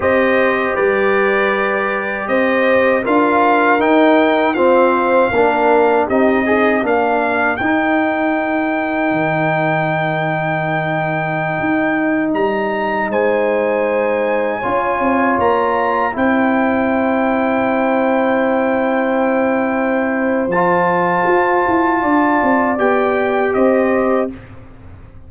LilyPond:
<<
  \new Staff \with { instrumentName = "trumpet" } { \time 4/4 \tempo 4 = 79 dis''4 d''2 dis''4 | f''4 g''4 f''2 | dis''4 f''4 g''2~ | g''1~ |
g''16 ais''4 gis''2~ gis''8.~ | gis''16 ais''4 g''2~ g''8.~ | g''2. a''4~ | a''2 g''4 dis''4 | }
  \new Staff \with { instrumentName = "horn" } { \time 4/4 c''4 b'2 c''4 | ais'2 c''4 ais'4 | g'8 dis'8 ais'2.~ | ais'1~ |
ais'4~ ais'16 c''2 cis''8.~ | cis''4~ cis''16 c''2~ c''8.~ | c''1~ | c''4 d''2 c''4 | }
  \new Staff \with { instrumentName = "trombone" } { \time 4/4 g'1 | f'4 dis'4 c'4 d'4 | dis'8 gis'8 d'4 dis'2~ | dis'1~ |
dis'2.~ dis'16 f'8.~ | f'4~ f'16 e'2~ e'8.~ | e'2. f'4~ | f'2 g'2 | }
  \new Staff \with { instrumentName = "tuba" } { \time 4/4 c'4 g2 c'4 | d'4 dis'4 f'4 ais4 | c'4 ais4 dis'2 | dis2.~ dis16 dis'8.~ |
dis'16 g4 gis2 cis'8 c'16~ | c'16 ais4 c'2~ c'8.~ | c'2. f4 | f'8 e'8 d'8 c'8 b4 c'4 | }
>>